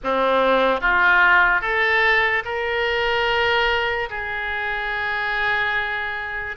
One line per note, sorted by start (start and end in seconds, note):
0.03 0.80 C4
0.80 1.61 F4
1.61 2.43 A4
2.44 4.09 A#4
4.09 6.56 G#4